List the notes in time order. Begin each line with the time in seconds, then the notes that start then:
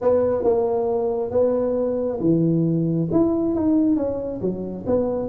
0.01 B3
0.43 A#3
1.31 B3
2.20 E3
3.11 E4
3.54 D#4
3.96 C#4
4.41 F#3
4.86 B3